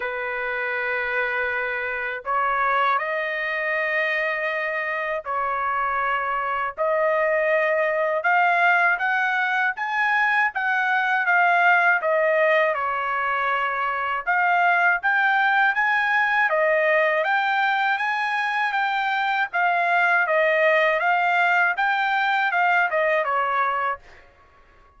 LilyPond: \new Staff \with { instrumentName = "trumpet" } { \time 4/4 \tempo 4 = 80 b'2. cis''4 | dis''2. cis''4~ | cis''4 dis''2 f''4 | fis''4 gis''4 fis''4 f''4 |
dis''4 cis''2 f''4 | g''4 gis''4 dis''4 g''4 | gis''4 g''4 f''4 dis''4 | f''4 g''4 f''8 dis''8 cis''4 | }